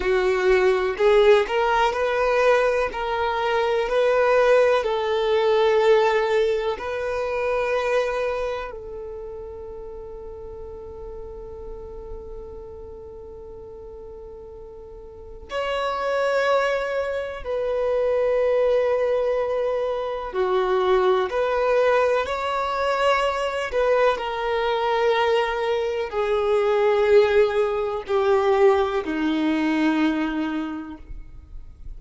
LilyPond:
\new Staff \with { instrumentName = "violin" } { \time 4/4 \tempo 4 = 62 fis'4 gis'8 ais'8 b'4 ais'4 | b'4 a'2 b'4~ | b'4 a'2.~ | a'1 |
cis''2 b'2~ | b'4 fis'4 b'4 cis''4~ | cis''8 b'8 ais'2 gis'4~ | gis'4 g'4 dis'2 | }